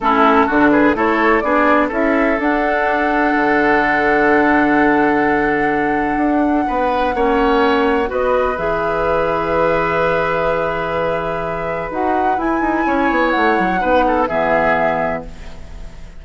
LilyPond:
<<
  \new Staff \with { instrumentName = "flute" } { \time 4/4 \tempo 4 = 126 a'4. b'8 cis''4 d''4 | e''4 fis''2.~ | fis''1~ | fis''1~ |
fis''4 dis''4 e''2~ | e''1~ | e''4 fis''4 gis''2 | fis''2 e''2 | }
  \new Staff \with { instrumentName = "oboe" } { \time 4/4 e'4 fis'8 gis'8 a'4 gis'4 | a'1~ | a'1~ | a'2 b'4 cis''4~ |
cis''4 b'2.~ | b'1~ | b'2. cis''4~ | cis''4 b'8 a'8 gis'2 | }
  \new Staff \with { instrumentName = "clarinet" } { \time 4/4 cis'4 d'4 e'4 d'4 | e'4 d'2.~ | d'1~ | d'2. cis'4~ |
cis'4 fis'4 gis'2~ | gis'1~ | gis'4 fis'4 e'2~ | e'4 dis'4 b2 | }
  \new Staff \with { instrumentName = "bassoon" } { \time 4/4 a4 d4 a4 b4 | cis'4 d'2 d4~ | d1~ | d4 d'4 b4 ais4~ |
ais4 b4 e2~ | e1~ | e4 dis'4 e'8 dis'8 cis'8 b8 | a8 fis8 b4 e2 | }
>>